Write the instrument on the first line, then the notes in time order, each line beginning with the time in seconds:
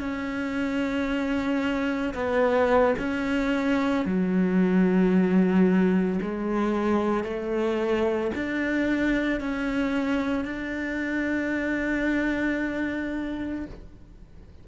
cello
0.00 C#4
2.15 B3
3.00 C#4
4.06 F#3
6.22 G#3
7.24 A3
8.36 D4
9.41 C#4
10.45 D4